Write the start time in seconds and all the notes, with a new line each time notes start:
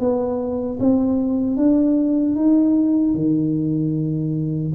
0.00 B3
0.80 C4
1.57 D4
2.36 D#4
3.15 D#3